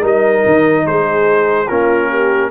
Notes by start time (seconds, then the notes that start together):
0.00 G3 D#4 A#4
0.06 D#5
0.45 D#3
0.85 G#3 G#4 C5
1.67 A#3 C#4 F4 A#4
2.08 G4